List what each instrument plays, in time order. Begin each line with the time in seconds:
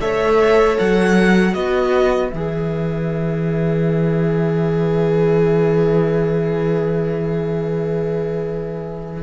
0.00 cello A3, viola A4, violin C#5 E5
0.79 cello F#3, violin F#5
1.52 cello B3, viola F#4, violin B4 D#5
2.30 cello E3, viola G#4, violin E5